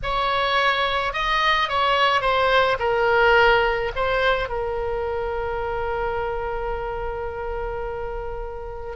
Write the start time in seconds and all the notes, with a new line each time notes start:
0.02 C#5
1.13 D#5
1.68 C#5
2.21 C5
2.79 A#4
3.95 C5
4.49 A#4